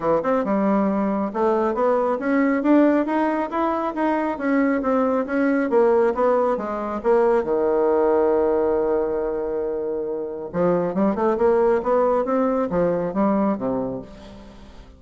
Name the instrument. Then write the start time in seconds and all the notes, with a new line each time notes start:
bassoon
0.00 E3
0.22 C4
0.44 G3
1.33 A3
1.74 B3
2.19 C#4
2.62 D4
3.06 D#4
3.50 E4
3.94 D#4
4.38 C#4
4.82 C4
5.26 C#4
5.69 A#3
6.14 B3
6.57 G#3
7.03 A#3
7.43 D#3
10.52 F3
10.94 G3
11.15 A3
11.37 A#3
11.82 B3
12.24 C4
12.70 F3
13.13 G3
13.57 C3